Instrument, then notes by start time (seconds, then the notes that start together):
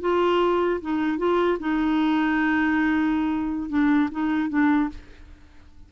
clarinet
0.00 F4
0.81 D#4
1.18 F4
1.59 D#4
3.69 D4
4.11 D#4
4.49 D4